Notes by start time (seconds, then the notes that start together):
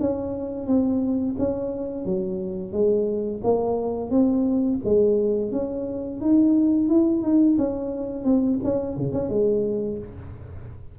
0.00 C#4
0.67 C4
1.39 C#4
2.05 F#3
2.72 G#3
3.44 A#3
4.11 C4
4.84 G#3
5.52 C#4
6.21 D#4
6.89 E4
7.23 D#4
7.58 C#4
8.25 C4
8.64 C#4
8.97 C#3
9.13 C#4
9.29 G#3